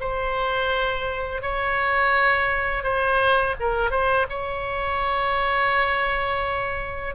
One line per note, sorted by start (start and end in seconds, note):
0.00 1.42 C5
1.42 2.83 C#5
2.83 3.55 C5
3.60 3.91 A#4
3.91 4.26 C5
4.30 7.15 C#5